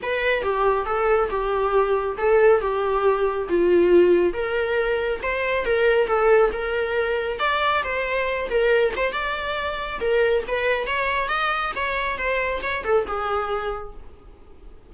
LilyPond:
\new Staff \with { instrumentName = "viola" } { \time 4/4 \tempo 4 = 138 b'4 g'4 a'4 g'4~ | g'4 a'4 g'2 | f'2 ais'2 | c''4 ais'4 a'4 ais'4~ |
ais'4 d''4 c''4. ais'8~ | ais'8 c''8 d''2 ais'4 | b'4 cis''4 dis''4 cis''4 | c''4 cis''8 a'8 gis'2 | }